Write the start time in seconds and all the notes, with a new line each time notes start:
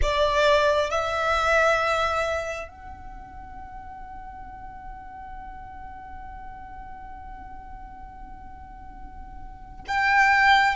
0.02 D5
0.90 E5
2.67 F#5
9.88 G5